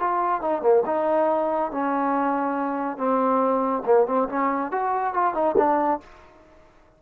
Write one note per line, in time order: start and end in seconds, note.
0.00 0.42 F4
0.42 0.62 D#4
0.62 0.84 A#3
0.86 1.72 D#4
1.72 2.98 C#4
2.98 3.83 C4
3.86 4.07 A#3
4.07 4.28 C4
4.29 4.72 C#4
4.72 5.14 F#4
5.14 5.34 F4
5.34 5.56 D#4
5.58 6.01 D4